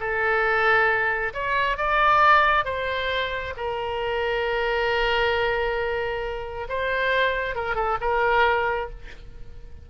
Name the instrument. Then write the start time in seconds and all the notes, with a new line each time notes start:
oboe
0.00 A4
1.34 C#5
1.77 D5
2.65 C5
3.57 A#4
6.69 C5
7.55 A#4
7.75 A4
8.01 A#4